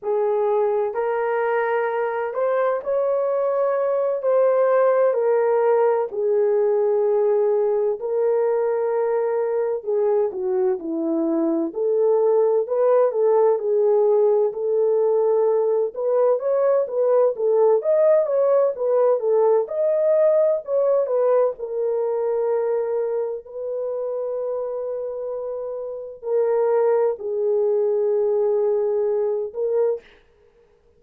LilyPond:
\new Staff \with { instrumentName = "horn" } { \time 4/4 \tempo 4 = 64 gis'4 ais'4. c''8 cis''4~ | cis''8 c''4 ais'4 gis'4.~ | gis'8 ais'2 gis'8 fis'8 e'8~ | e'8 a'4 b'8 a'8 gis'4 a'8~ |
a'4 b'8 cis''8 b'8 a'8 dis''8 cis''8 | b'8 a'8 dis''4 cis''8 b'8 ais'4~ | ais'4 b'2. | ais'4 gis'2~ gis'8 ais'8 | }